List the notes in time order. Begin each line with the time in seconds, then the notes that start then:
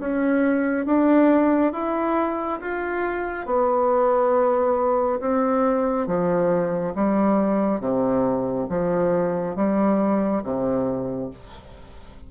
0.00 C#4
0.87 D4
1.73 E4
2.61 F4
3.46 B3
5.21 C4
6.08 F3
6.96 G3
7.81 C3
8.70 F3
9.56 G3
10.43 C3